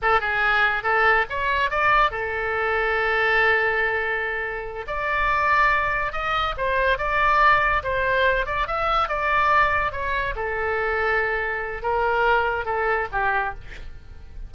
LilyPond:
\new Staff \with { instrumentName = "oboe" } { \time 4/4 \tempo 4 = 142 a'8 gis'4. a'4 cis''4 | d''4 a'2.~ | a'2.~ a'8 d''8~ | d''2~ d''8 dis''4 c''8~ |
c''8 d''2 c''4. | d''8 e''4 d''2 cis''8~ | cis''8 a'2.~ a'8 | ais'2 a'4 g'4 | }